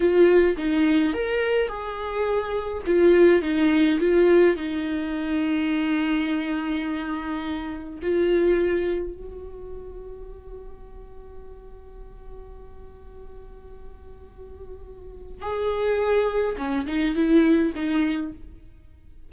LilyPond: \new Staff \with { instrumentName = "viola" } { \time 4/4 \tempo 4 = 105 f'4 dis'4 ais'4 gis'4~ | gis'4 f'4 dis'4 f'4 | dis'1~ | dis'2 f'2 |
fis'1~ | fis'1~ | fis'2. gis'4~ | gis'4 cis'8 dis'8 e'4 dis'4 | }